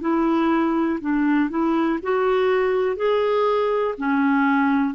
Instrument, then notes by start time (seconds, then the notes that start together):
clarinet
0.00 E4
1.00 D4
1.50 E4
2.02 F#4
2.96 G#4
3.97 C#4